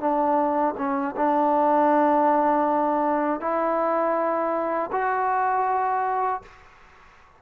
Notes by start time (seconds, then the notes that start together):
0.00 D4
0.78 C#4
1.17 D4
3.41 E4
4.92 F#4